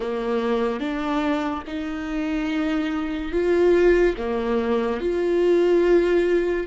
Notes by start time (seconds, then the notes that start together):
0.00 A#3
0.80 D4
1.66 D#4
3.31 F4
4.17 A#3
5.00 F4